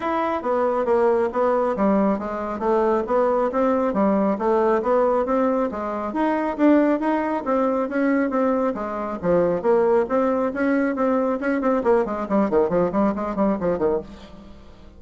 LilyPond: \new Staff \with { instrumentName = "bassoon" } { \time 4/4 \tempo 4 = 137 e'4 b4 ais4 b4 | g4 gis4 a4 b4 | c'4 g4 a4 b4 | c'4 gis4 dis'4 d'4 |
dis'4 c'4 cis'4 c'4 | gis4 f4 ais4 c'4 | cis'4 c'4 cis'8 c'8 ais8 gis8 | g8 dis8 f8 g8 gis8 g8 f8 dis8 | }